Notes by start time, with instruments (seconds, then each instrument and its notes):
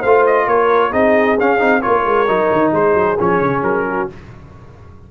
0.00 tuba A3, trombone F4, horn C5, trumpet F5
0.26 trumpet D#5
0.47 tuba A#3, horn A#4, trumpet C#5
0.90 tuba C4, trombone D#4, horn G#4, trumpet D#5
1.38 tuba C#4, trombone C#4, trumpet F5
1.58 tuba C4, trombone D#4
1.81 tuba A#3, trombone F4, horn A#4, trumpet C#5
2.05 tuba G#3
2.27 tuba F#3, trombone D#4
2.52 tuba D#3
2.71 tuba G#3, horn G#4, trumpet C5
2.94 tuba F#3
3.19 tuba F3, trombone C#4, trumpet C#5
3.41 tuba C#3
3.62 tuba F#3, trumpet A#4
3.88 horn F#4